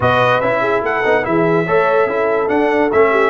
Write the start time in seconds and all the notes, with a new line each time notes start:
0.00 B2 F#4 B4 D#5
0.40 C#4 E4 E5
0.61 G#4
0.82 A3 A4 F#5
1.04 B3 D#4
1.22 E3 E4 G#4 E5
1.66 A3 A4 C#5
2.06 C#4 E4 A4
2.48 D4 F#5
2.91 A3 C#4 E5
3.11 G4